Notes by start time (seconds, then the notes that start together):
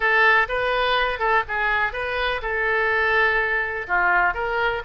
0.00 A4
0.48 B4
1.19 A4
1.48 G#4
1.92 B4
2.41 A4
3.87 F4
4.34 A#4